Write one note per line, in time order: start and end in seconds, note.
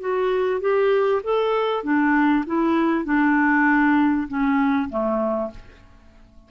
0.00 0.61 F#4
0.61 1.22 G4
1.23 1.83 A4
1.83 2.44 D4
2.46 3.05 E4
3.05 4.27 D4
4.28 4.89 C#4
4.89 5.50 A3